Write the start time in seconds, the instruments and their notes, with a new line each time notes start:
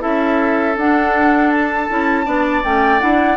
0.00 bassoon C#4, clarinet E4, oboe A4, flute E5
0.77 bassoon D4, clarinet D4, flute F#5
1.52 flute A5
1.90 bassoon C#4, clarinet E4
2.25 bassoon B3, clarinet D4, oboe D5
2.64 bassoon A3, clarinet C#4, flute G5
3.00 bassoon D4, clarinet E4, flute F#5